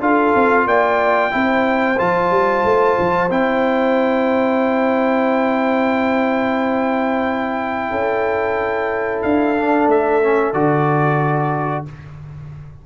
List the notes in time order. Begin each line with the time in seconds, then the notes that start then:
0.00 D4 F4 A4 F5
0.34 C4
0.65 A#3 D5 G5
1.30 C4 E4 C5
1.97 F3 F4 A5
2.30 G3
2.64 A3
2.99 F3
3.30 C4 E4 G5
7.90 C#4 A4
9.22 D4 F5
9.57 D4
9.87 A3 E5
10.22 C#4
10.53 D3 F#4 D5